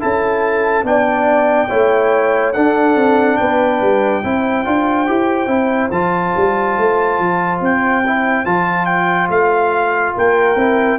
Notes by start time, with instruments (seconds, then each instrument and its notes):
0.00 tuba C#4, trombone E4, horn A4, trumpet A5
0.83 tuba B3, trombone D4, horn D5, trumpet G5
1.69 tuba A3, trombone E4, horn C#5
2.53 trombone D4, tuba D4, horn A4, trumpet F#5
2.95 tuba C4
3.36 tuba B3, horn B4, trumpet G5
3.81 tuba G3
4.23 tuba C4, trombone E4, horn C5
4.65 tuba D4, trombone F4
5.07 tuba E4, trombone G4
5.47 tuba C4, trombone E4
5.91 tuba F3, trombone F4, trumpet A5
6.36 tuba G3
6.78 tuba A3
7.19 tuba F3
7.61 tuba C4, trumpet G5
8.06 trombone E4
8.45 tuba F3, trombone F4, trumpet A5
8.85 trumpet G5
9.29 tuba A3, trumpet F5
10.16 tuba A#3, horn A#4, trumpet G5
10.56 tuba C4, trombone E4